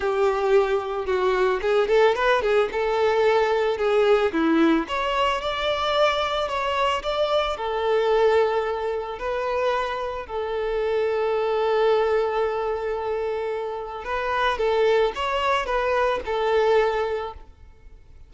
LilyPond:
\new Staff \with { instrumentName = "violin" } { \time 4/4 \tempo 4 = 111 g'2 fis'4 gis'8 a'8 | b'8 gis'8 a'2 gis'4 | e'4 cis''4 d''2 | cis''4 d''4 a'2~ |
a'4 b'2 a'4~ | a'1~ | a'2 b'4 a'4 | cis''4 b'4 a'2 | }